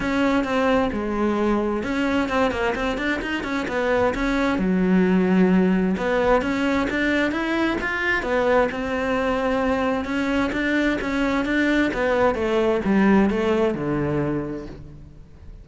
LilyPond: \new Staff \with { instrumentName = "cello" } { \time 4/4 \tempo 4 = 131 cis'4 c'4 gis2 | cis'4 c'8 ais8 c'8 d'8 dis'8 cis'8 | b4 cis'4 fis2~ | fis4 b4 cis'4 d'4 |
e'4 f'4 b4 c'4~ | c'2 cis'4 d'4 | cis'4 d'4 b4 a4 | g4 a4 d2 | }